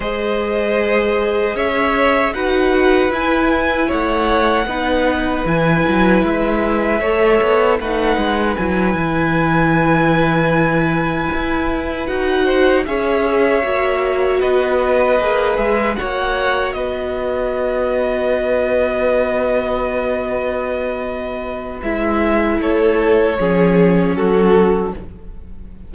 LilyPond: <<
  \new Staff \with { instrumentName = "violin" } { \time 4/4 \tempo 4 = 77 dis''2 e''4 fis''4 | gis''4 fis''2 gis''4 | e''2 fis''4 gis''4~ | gis''2.~ gis''8 fis''8~ |
fis''8 e''2 dis''4. | e''8 fis''4 dis''2~ dis''8~ | dis''1 | e''4 cis''2 a'4 | }
  \new Staff \with { instrumentName = "violin" } { \time 4/4 c''2 cis''4 b'4~ | b'4 cis''4 b'2~ | b'4 cis''4 b'2~ | b'1 |
c''8 cis''2 b'4.~ | b'8 cis''4 b'2~ b'8~ | b'1~ | b'4 a'4 gis'4 fis'4 | }
  \new Staff \with { instrumentName = "viola" } { \time 4/4 gis'2. fis'4 | e'2 dis'4 e'4~ | e'4 a'4 dis'4 e'4~ | e'2.~ e'8 fis'8~ |
fis'8 gis'4 fis'2 gis'8~ | gis'8 fis'2.~ fis'8~ | fis'1 | e'2 cis'2 | }
  \new Staff \with { instrumentName = "cello" } { \time 4/4 gis2 cis'4 dis'4 | e'4 a4 b4 e8 fis8 | gis4 a8 b8 a8 gis8 fis8 e8~ | e2~ e8 e'4 dis'8~ |
dis'8 cis'4 ais4 b4 ais8 | gis8 ais4 b2~ b8~ | b1 | gis4 a4 f4 fis4 | }
>>